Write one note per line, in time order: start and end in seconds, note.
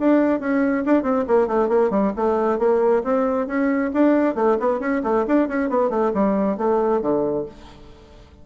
0.00 0.40 D4
0.40 0.84 C#4
0.86 1.03 D4
1.03 1.25 C4
1.28 1.48 A#3
1.48 1.69 A3
1.69 1.91 A#3
1.91 2.13 G3
2.17 2.59 A3
2.59 3.03 A#3
3.04 3.47 C4
3.47 3.91 C#4
3.94 4.36 D4
4.36 4.58 A3
4.60 4.80 B3
4.80 5.02 C#4
5.04 5.26 A3
5.28 5.49 D4
5.49 5.70 C#4
5.70 5.90 B3
5.90 6.12 A3
6.14 6.58 G3
6.58 7.02 A3
7.02 7.46 D3